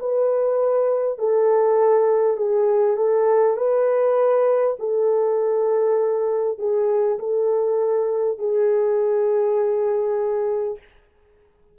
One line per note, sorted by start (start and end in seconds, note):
0.00 1.19 B4
1.19 2.37 A4
2.37 2.97 G#4
2.97 3.57 A4
3.57 4.77 B4
4.79 6.59 A4
6.59 7.19 G#4
7.19 8.39 A4
8.39 10.79 G#4